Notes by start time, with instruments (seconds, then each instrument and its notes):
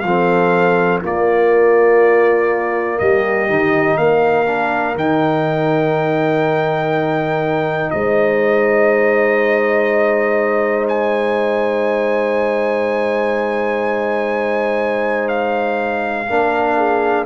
0.00 tuba F3, trombone C4, horn A4, trumpet F5
1.02 trombone A#3, tuba A#3, horn F4, trumpet D5
2.99 tuba G3, horn G4, trumpet D#5
3.48 tuba D#3, trombone D#4
3.97 tuba A#3, horn A#4, trumpet F5
4.45 trombone D4
4.95 tuba D#3, trombone D#4, trumpet G5
7.90 tuba G#3, horn C5, trumpet D#5
10.88 trumpet G#5
15.28 trumpet F5
16.27 tuba A#3, trombone D4, horn A#4
16.77 horn G#4